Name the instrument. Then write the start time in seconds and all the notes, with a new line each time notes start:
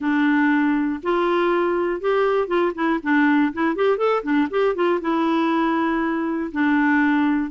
clarinet
0.00 D4
1.02 F4
2.00 G4
2.47 F4
2.75 E4
3.02 D4
3.53 E4
3.75 G4
3.97 A4
4.23 D4
4.50 G4
4.75 F4
5.01 E4
6.52 D4